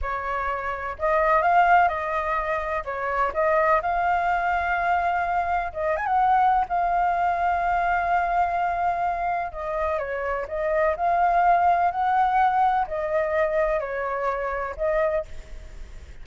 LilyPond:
\new Staff \with { instrumentName = "flute" } { \time 4/4 \tempo 4 = 126 cis''2 dis''4 f''4 | dis''2 cis''4 dis''4 | f''1 | dis''8 gis''16 fis''4~ fis''16 f''2~ |
f''1 | dis''4 cis''4 dis''4 f''4~ | f''4 fis''2 dis''4~ | dis''4 cis''2 dis''4 | }